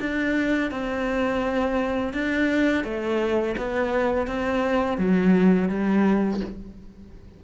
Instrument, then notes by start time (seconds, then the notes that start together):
cello
0.00 D4
0.71 C4
2.14 D4
2.84 A3
3.57 B3
4.27 C4
4.98 F#3
5.69 G3